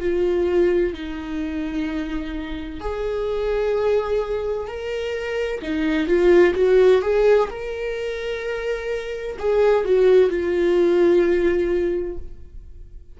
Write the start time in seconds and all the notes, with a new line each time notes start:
0.00 F4
0.94 D#4
2.80 G#4
4.67 A#4
5.62 D#4
6.07 F4
6.55 F#4
7.02 G#4
7.50 A#4
9.39 G#4
9.85 F#4
10.30 F4